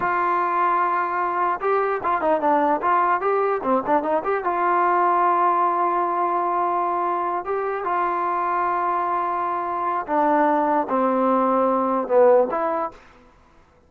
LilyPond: \new Staff \with { instrumentName = "trombone" } { \time 4/4 \tempo 4 = 149 f'1 | g'4 f'8 dis'8 d'4 f'4 | g'4 c'8 d'8 dis'8 g'8 f'4~ | f'1~ |
f'2~ f'8 g'4 f'8~ | f'1~ | f'4 d'2 c'4~ | c'2 b4 e'4 | }